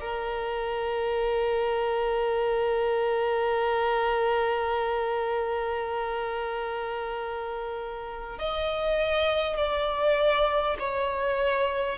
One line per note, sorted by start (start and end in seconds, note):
0.00 8.38 A#4
8.38 9.57 D#5
9.57 10.77 D5
10.79 11.98 C#5